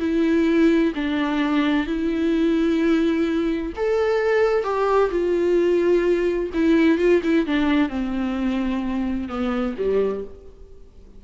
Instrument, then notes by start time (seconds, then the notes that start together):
viola
0.00 E4
0.95 D4
1.87 E4
3.76 A4
4.64 G4
5.11 F4
6.54 E4
6.99 F4
7.23 E4
7.46 D4
7.89 C4
9.29 B3
9.78 G3